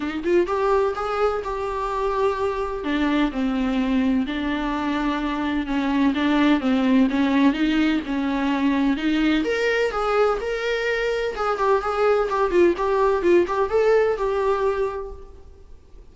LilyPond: \new Staff \with { instrumentName = "viola" } { \time 4/4 \tempo 4 = 127 dis'8 f'8 g'4 gis'4 g'4~ | g'2 d'4 c'4~ | c'4 d'2. | cis'4 d'4 c'4 cis'4 |
dis'4 cis'2 dis'4 | ais'4 gis'4 ais'2 | gis'8 g'8 gis'4 g'8 f'8 g'4 | f'8 g'8 a'4 g'2 | }